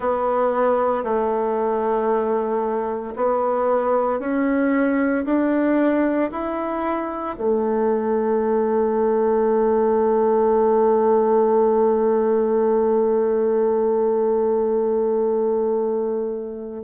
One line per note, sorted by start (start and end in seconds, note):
0.00 1.03 B3
1.03 3.14 A3
3.16 4.19 B3
4.19 5.24 C#4
5.25 6.30 D4
6.31 7.36 E4
7.37 16.83 A3